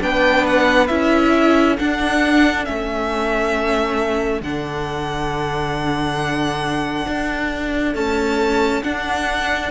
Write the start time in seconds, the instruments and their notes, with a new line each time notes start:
0.00 cello B3, viola D4, violin B4 G5
0.47 violin F#5
0.88 cello C#4, viola E4, violin E5
1.35 violin A4
1.79 viola D4, cello D4, violin F#5
2.65 cello A3, viola C#4, violin E5
4.42 cello D3, viola D4, violin F#5
7.08 cello D4
7.94 viola A3, cello C#4, violin A5
8.84 viola D4, cello D4, violin F#5